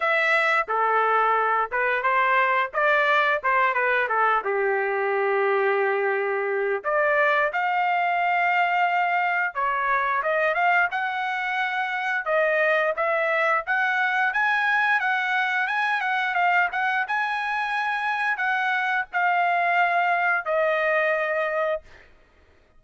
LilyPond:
\new Staff \with { instrumentName = "trumpet" } { \time 4/4 \tempo 4 = 88 e''4 a'4. b'8 c''4 | d''4 c''8 b'8 a'8 g'4.~ | g'2 d''4 f''4~ | f''2 cis''4 dis''8 f''8 |
fis''2 dis''4 e''4 | fis''4 gis''4 fis''4 gis''8 fis''8 | f''8 fis''8 gis''2 fis''4 | f''2 dis''2 | }